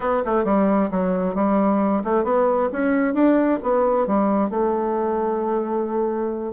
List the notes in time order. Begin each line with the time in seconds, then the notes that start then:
0.00 B3
0.25 A3
0.44 G3
0.90 F#3
1.35 G3
2.04 A3
2.24 B3
2.72 C#4
3.14 D4
3.62 B3
4.06 G3
4.50 A3